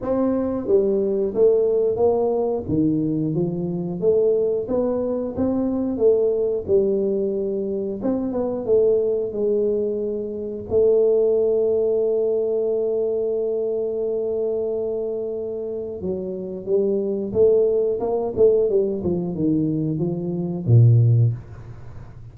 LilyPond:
\new Staff \with { instrumentName = "tuba" } { \time 4/4 \tempo 4 = 90 c'4 g4 a4 ais4 | dis4 f4 a4 b4 | c'4 a4 g2 | c'8 b8 a4 gis2 |
a1~ | a1 | fis4 g4 a4 ais8 a8 | g8 f8 dis4 f4 ais,4 | }